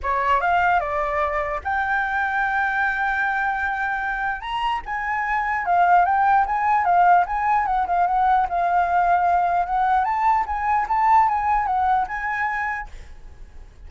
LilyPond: \new Staff \with { instrumentName = "flute" } { \time 4/4 \tempo 4 = 149 cis''4 f''4 d''2 | g''1~ | g''2. ais''4 | gis''2 f''4 g''4 |
gis''4 f''4 gis''4 fis''8 f''8 | fis''4 f''2. | fis''4 a''4 gis''4 a''4 | gis''4 fis''4 gis''2 | }